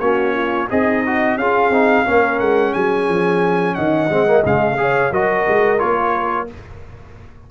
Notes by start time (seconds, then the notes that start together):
0.00 A#3 C#4 F#4 C#5
0.34 F4
0.70 C4 D#4 G#4 D#5
1.06 F#4
1.36 C#4 F4 G#4 F5
1.70 C4 D#4
2.06 A#3 C#4 A#4
2.40 G#3 F#5
2.72 F#3 G#4 G#5
3.08 F3
3.75 D#3 D#5 F#5
4.10 G#3 C4
4.27 A#3
4.45 C#3 G#3 F5
4.78 G#4 C#5
5.11 F#3 F#4 A#4 D#5
5.48 G#3
5.79 A#3 F4 C#5